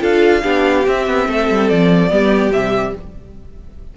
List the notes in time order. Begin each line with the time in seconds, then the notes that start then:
0.00 D4 F4 A4 F5
0.42 B3 D4 G4
0.86 C4 E5
1.06 B3
1.27 A3 A4
1.50 G3
1.69 F3 D5
2.10 G3 B3 G4
2.50 C3 G3 E5